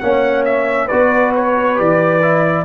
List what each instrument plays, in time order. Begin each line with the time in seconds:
0.00 tuba A#3, trombone C#4, horn C#5, trumpet F#5
0.46 trumpet E5
0.86 trombone F#4, horn B4, trumpet D5
0.93 tuba B3
1.36 trumpet C#5
1.76 tuba E3, trombone G4, trumpet D5
2.23 trombone E4